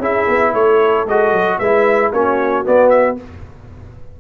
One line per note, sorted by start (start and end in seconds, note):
0.00 0.26 C#4
0.00 1.07 E4
0.00 0.53 G#4
0.00 0.55 E5
0.28 0.54 B3
0.54 1.06 A3
0.54 1.59 A4
0.54 1.07 C#5
1.06 1.33 G#3
1.06 1.62 F#4
1.06 1.59 D#5
1.33 1.59 F#3
1.59 2.13 G#3
1.59 2.14 E4
1.59 2.11 B4
1.59 2.12 E5
2.13 2.66 A#3
2.13 2.65 C#4
2.13 3.19 F#4
2.13 2.66 C#5
2.65 3.17 B3
2.65 3.21 B3
2.65 2.90 D5
2.90 3.16 E5